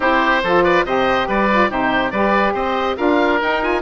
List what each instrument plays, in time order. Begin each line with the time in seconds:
0.00 bassoon C4, saxophone E4, oboe G4 C5
0.43 bassoon F3, saxophone F4, oboe A4
0.63 oboe B4 D5
0.85 bassoon C3, saxophone G4, oboe C5 D#5
1.27 bassoon G3, oboe B4 D5
1.51 saxophone F4
1.69 bassoon C3, saxophone D#4, oboe G4 C5
2.10 bassoon G3, saxophone G4, oboe B4 D5
2.53 bassoon C4, oboe C5 D#5
2.96 bassoon D4, saxophone F4, oboe A#4 F5
3.41 saxophone D#4, bassoon D#4, oboe G5
3.61 saxophone F4, oboe G#5